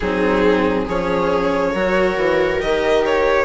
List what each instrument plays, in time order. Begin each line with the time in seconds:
0.00 bassoon F#3, cello C4, viola D#4, violin G#4
0.85 bassoon F3, cello C#4, viola G#4, violin C#5
1.71 bassoon F#3, cello F#4, viola A#4
2.16 bassoon E3
2.59 bassoon D#3, cello G4, violin D#5
3.05 violin C#5